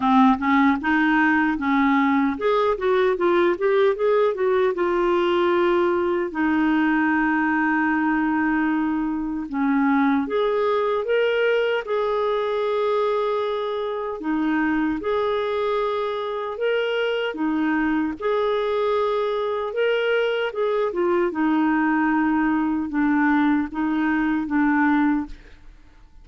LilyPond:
\new Staff \with { instrumentName = "clarinet" } { \time 4/4 \tempo 4 = 76 c'8 cis'8 dis'4 cis'4 gis'8 fis'8 | f'8 g'8 gis'8 fis'8 f'2 | dis'1 | cis'4 gis'4 ais'4 gis'4~ |
gis'2 dis'4 gis'4~ | gis'4 ais'4 dis'4 gis'4~ | gis'4 ais'4 gis'8 f'8 dis'4~ | dis'4 d'4 dis'4 d'4 | }